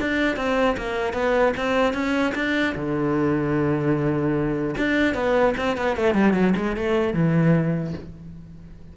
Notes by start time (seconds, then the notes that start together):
0.00 D4
0.36 C4
0.77 A#3
1.13 B3
1.57 C4
1.93 C#4
2.35 D4
2.75 D3
4.77 D4
5.14 B3
5.57 C4
5.77 B3
5.97 A3
6.14 G3
6.33 F#3
6.56 G#3
6.76 A3
7.13 E3